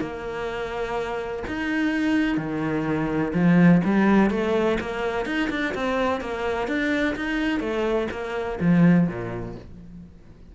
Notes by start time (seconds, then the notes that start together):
0.00 A#3
1.47 D#4
2.37 D#3
3.33 F3
3.84 G3
4.30 A3
4.80 A#3
5.25 D#4
5.50 D4
5.74 C4
6.20 A#3
6.67 D4
7.15 D#4
7.60 A3
8.11 A#3
8.60 F3
9.07 A#2